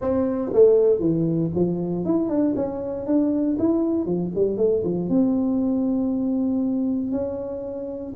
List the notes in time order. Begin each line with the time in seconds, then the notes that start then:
0.01 C4
0.53 A3
0.99 E3
1.54 F3
2.05 E4
2.29 D4
2.55 C#4
3.06 D4
3.58 E4
4.05 F3
4.35 G3
4.57 A3
4.84 F3
5.09 C4
7.11 C#4